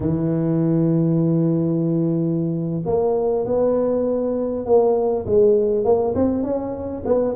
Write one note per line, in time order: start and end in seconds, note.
0.00 2.83 E3
2.85 3.45 A#3
3.45 4.65 B3
4.65 5.25 A#3
5.26 5.84 G#3
5.84 6.14 A#3
6.15 6.43 C4
6.43 7.03 C#4
7.05 7.35 B3